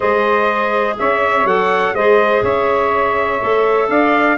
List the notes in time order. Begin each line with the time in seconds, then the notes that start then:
0.00 G#3 G#4 C5 D#5
0.98 C#4 C#5 E5
1.44 F#3 A4 F#5
1.93 G#3 G#4 C5 D#5
2.42 C#4 C#5 E5
3.40 A3 A4
3.88 D4 D5 F5